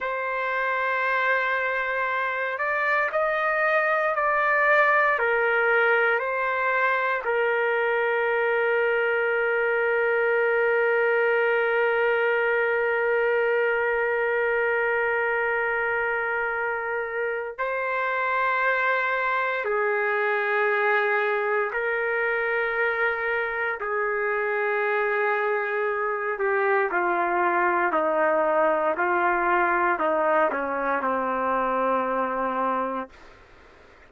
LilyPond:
\new Staff \with { instrumentName = "trumpet" } { \time 4/4 \tempo 4 = 58 c''2~ c''8 d''8 dis''4 | d''4 ais'4 c''4 ais'4~ | ais'1~ | ais'1~ |
ais'4 c''2 gis'4~ | gis'4 ais'2 gis'4~ | gis'4. g'8 f'4 dis'4 | f'4 dis'8 cis'8 c'2 | }